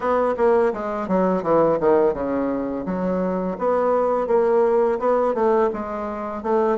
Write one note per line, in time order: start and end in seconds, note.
0.00 0.34 B3
0.37 0.72 A#3
0.73 1.08 G#3
1.08 1.43 F#3
1.43 1.78 E3
1.80 2.13 D#3
2.13 2.85 C#3
2.85 3.57 F#3
3.58 4.27 B3
4.27 4.98 A#3
4.99 5.34 B3
5.34 5.70 A3
5.73 6.43 G#3
6.43 6.78 A3